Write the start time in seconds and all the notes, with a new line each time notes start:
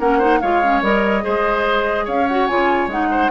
0.00 A#3 C#4 A#4 F#5
0.18 D#4 C5
0.41 G#3 F4 C#5 F5
0.64 C#4
0.83 G3 A#4 D#5
1.22 G#3 G#4 C5
2.05 C#4 C#5 F5
2.28 F#4 F#5
2.48 C#3 F4 G#5
2.88 G#3 D#4 F#5
3.11 C5